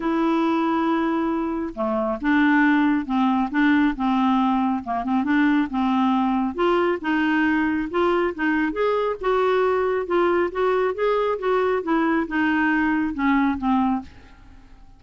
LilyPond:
\new Staff \with { instrumentName = "clarinet" } { \time 4/4 \tempo 4 = 137 e'1 | a4 d'2 c'4 | d'4 c'2 ais8 c'8 | d'4 c'2 f'4 |
dis'2 f'4 dis'4 | gis'4 fis'2 f'4 | fis'4 gis'4 fis'4 e'4 | dis'2 cis'4 c'4 | }